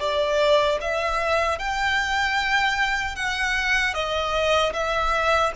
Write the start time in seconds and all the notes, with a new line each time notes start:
0.00 D5
0.81 E5
1.59 G5
3.16 F#5
3.94 D#5
4.74 E5